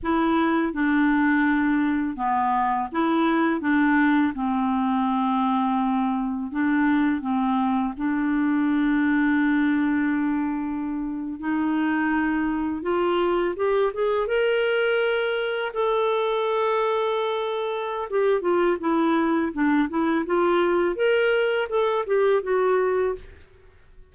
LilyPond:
\new Staff \with { instrumentName = "clarinet" } { \time 4/4 \tempo 4 = 83 e'4 d'2 b4 | e'4 d'4 c'2~ | c'4 d'4 c'4 d'4~ | d'2.~ d'8. dis'16~ |
dis'4.~ dis'16 f'4 g'8 gis'8 ais'16~ | ais'4.~ ais'16 a'2~ a'16~ | a'4 g'8 f'8 e'4 d'8 e'8 | f'4 ais'4 a'8 g'8 fis'4 | }